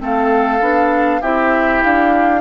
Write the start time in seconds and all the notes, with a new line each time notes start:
0.00 A3 C4 A4 F5
0.60 B3 D4
1.21 C4 E4 G4 E5
1.83 D4 F5